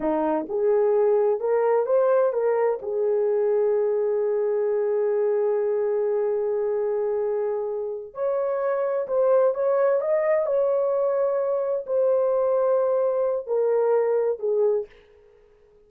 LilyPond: \new Staff \with { instrumentName = "horn" } { \time 4/4 \tempo 4 = 129 dis'4 gis'2 ais'4 | c''4 ais'4 gis'2~ | gis'1~ | gis'1~ |
gis'4. cis''2 c''8~ | c''8 cis''4 dis''4 cis''4.~ | cis''4. c''2~ c''8~ | c''4 ais'2 gis'4 | }